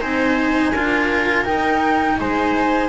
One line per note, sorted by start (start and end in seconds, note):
0.00 0.73 C4
0.00 0.72 D#4
0.00 0.72 C5
0.00 1.45 G#5
0.72 1.45 D4
0.72 1.44 F4
0.72 2.16 A#4
1.44 2.89 D#4
1.44 2.19 D#4
1.44 2.17 G5
2.19 2.89 G#3
2.19 2.89 C5
2.19 2.89 G#5